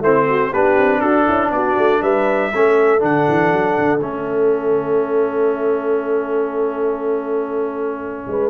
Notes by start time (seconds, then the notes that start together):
0.00 A3 C4 E4 C5
0.28 F#4
0.50 B3 D4 G4 B4
0.78 C4
1.00 D4 F#4 A4
1.27 C#4 E4
1.50 B3 F#4 D5
1.77 A3
2.01 G3 B4 E5
2.52 A3 C#4 A4
2.99 D3 D4 F#5
3.28 E3
3.52 F#3
3.78 D3
4.00 A3 C#4 E5
8.27 G#3 B4